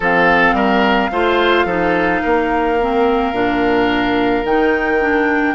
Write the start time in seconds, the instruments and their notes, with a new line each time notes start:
0.00 bassoon F3, clarinet C4, oboe A4, flute F5
0.53 bassoon G3, oboe A#4
1.12 bassoon A3, clarinet F4, oboe C5
1.64 bassoon F3, clarinet D#4, oboe A4
2.22 bassoon A#3, oboe A#4
2.81 clarinet C4
3.33 bassoon A#2, clarinet D4
4.44 bassoon D#3, clarinet D#4, flute G5
5.00 clarinet D4